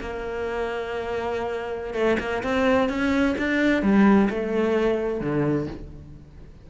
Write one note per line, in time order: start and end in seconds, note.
0.00 1.94 A#3
1.94 2.17 A3
2.19 2.42 A#3
2.43 2.89 C4
2.89 3.35 C#4
3.38 3.82 D4
3.82 4.29 G3
4.30 5.20 A3
5.20 5.67 D3